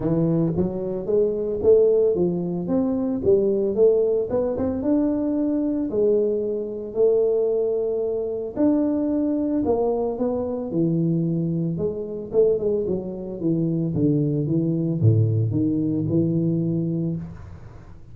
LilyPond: \new Staff \with { instrumentName = "tuba" } { \time 4/4 \tempo 4 = 112 e4 fis4 gis4 a4 | f4 c'4 g4 a4 | b8 c'8 d'2 gis4~ | gis4 a2. |
d'2 ais4 b4 | e2 gis4 a8 gis8 | fis4 e4 d4 e4 | a,4 dis4 e2 | }